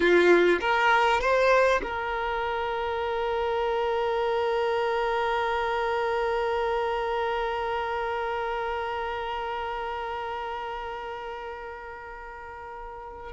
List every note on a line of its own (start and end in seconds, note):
0.00 0.59 F4
0.60 1.20 A#4
1.20 1.81 C5
1.82 13.32 A#4